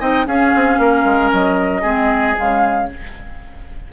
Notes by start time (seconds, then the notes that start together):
0.00 C4 D#4 D#5 G5
0.27 C#4 G#4 F5
0.56 C4
0.79 A#3 A#4
1.05 G#3
1.33 F#3 D#5
1.82 G#3 C4 G#4
2.36 C#3 G#3 F5